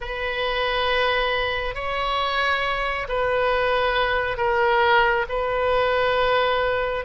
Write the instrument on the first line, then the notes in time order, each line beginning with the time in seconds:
oboe
0.00 B4
1.74 C#5
3.08 B4
4.37 A#4
5.29 B4